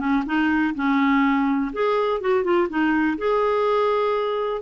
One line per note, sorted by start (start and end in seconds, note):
0.00 0.24 C#4
0.26 0.75 D#4
0.75 1.72 C#4
1.73 2.21 G#4
2.21 2.44 F#4
2.44 2.69 F4
2.70 3.18 D#4
3.18 4.62 G#4